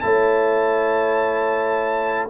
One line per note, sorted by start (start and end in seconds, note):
0.00 2.30 A3
0.00 2.28 E4
0.00 2.30 C#5
0.00 2.27 A5